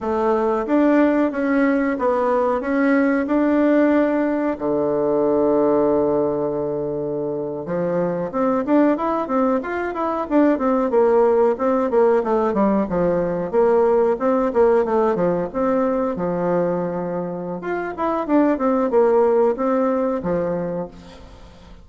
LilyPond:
\new Staff \with { instrumentName = "bassoon" } { \time 4/4 \tempo 4 = 92 a4 d'4 cis'4 b4 | cis'4 d'2 d4~ | d2.~ d8. f16~ | f8. c'8 d'8 e'8 c'8 f'8 e'8 d'16~ |
d'16 c'8 ais4 c'8 ais8 a8 g8 f16~ | f8. ais4 c'8 ais8 a8 f8 c'16~ | c'8. f2~ f16 f'8 e'8 | d'8 c'8 ais4 c'4 f4 | }